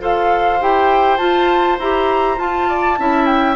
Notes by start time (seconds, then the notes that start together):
0.00 F4 A4 C5 F5
0.61 E4 G4 G5
1.17 F4 A5
1.79 E4 G4 A#5
2.37 F4 A5
2.68 D5
2.98 C#4 E4 E5
3.25 G5